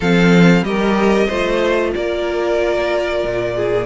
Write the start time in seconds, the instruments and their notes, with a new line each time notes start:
0.00 cello F3, viola C4, violin A4 F5
0.62 cello G3, viola G4, violin A#4 D#5
1.26 cello A3, viola F4, violin C5
1.94 cello A#3, violin A#4 D5
3.23 cello A#2
3.55 violin G#4